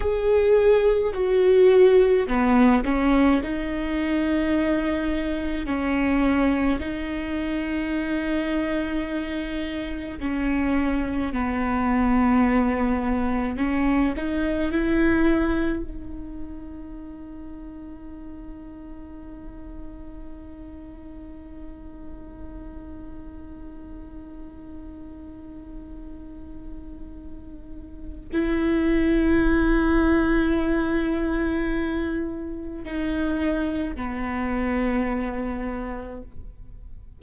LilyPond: \new Staff \with { instrumentName = "viola" } { \time 4/4 \tempo 4 = 53 gis'4 fis'4 b8 cis'8 dis'4~ | dis'4 cis'4 dis'2~ | dis'4 cis'4 b2 | cis'8 dis'8 e'4 dis'2~ |
dis'1~ | dis'1~ | dis'4 e'2.~ | e'4 dis'4 b2 | }